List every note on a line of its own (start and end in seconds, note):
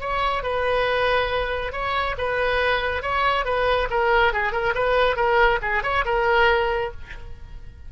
0.00 0.43 C#5
0.43 1.72 B4
1.72 2.15 C#5
2.18 3.02 B4
3.02 3.45 C#5
3.45 3.88 B4
3.90 4.33 A#4
4.33 4.52 G#4
4.52 4.74 A#4
4.74 5.16 B4
5.16 5.59 A#4
5.61 5.83 G#4
5.83 6.04 C#5
6.05 6.91 A#4